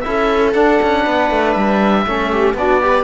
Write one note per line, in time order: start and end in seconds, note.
0.00 0.54 E4
0.00 0.50 E5
0.06 0.54 C#4
0.06 1.03 A4
0.53 2.05 D4
0.53 0.80 D4
0.53 1.53 F#5
0.82 1.06 C#4
1.03 1.30 B3
1.03 2.04 B4
1.30 1.55 A3
1.53 2.06 G3
1.53 2.54 E5
2.06 2.54 A3
2.06 2.56 C#4
2.06 2.31 A4
2.31 2.56 G4
2.54 3.04 B3
2.54 2.81 D4
2.54 2.83 F#4
2.54 3.04 D5
2.81 3.04 G4
2.81 3.04 B4